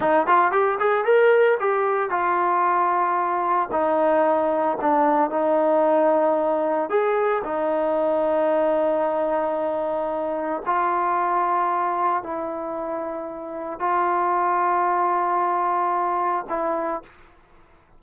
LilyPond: \new Staff \with { instrumentName = "trombone" } { \time 4/4 \tempo 4 = 113 dis'8 f'8 g'8 gis'8 ais'4 g'4 | f'2. dis'4~ | dis'4 d'4 dis'2~ | dis'4 gis'4 dis'2~ |
dis'1 | f'2. e'4~ | e'2 f'2~ | f'2. e'4 | }